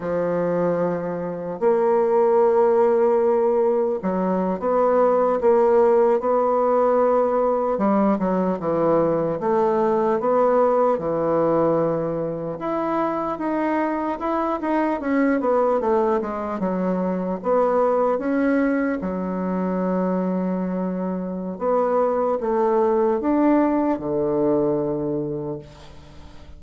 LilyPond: \new Staff \with { instrumentName = "bassoon" } { \time 4/4 \tempo 4 = 75 f2 ais2~ | ais4 fis8. b4 ais4 b16~ | b4.~ b16 g8 fis8 e4 a16~ | a8. b4 e2 e'16~ |
e'8. dis'4 e'8 dis'8 cis'8 b8 a16~ | a16 gis8 fis4 b4 cis'4 fis16~ | fis2. b4 | a4 d'4 d2 | }